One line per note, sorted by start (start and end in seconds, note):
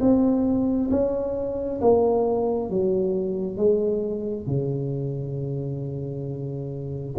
0.00 0.90 C4
0.90 1.80 C#4
1.81 2.69 A#3
2.69 3.57 F#3
3.57 4.46 G#3
4.46 7.15 C#3